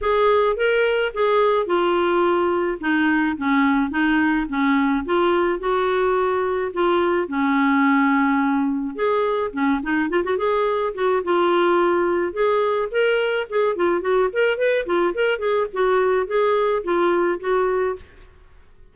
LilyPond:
\new Staff \with { instrumentName = "clarinet" } { \time 4/4 \tempo 4 = 107 gis'4 ais'4 gis'4 f'4~ | f'4 dis'4 cis'4 dis'4 | cis'4 f'4 fis'2 | f'4 cis'2. |
gis'4 cis'8 dis'8 f'16 fis'16 gis'4 fis'8 | f'2 gis'4 ais'4 | gis'8 f'8 fis'8 ais'8 b'8 f'8 ais'8 gis'8 | fis'4 gis'4 f'4 fis'4 | }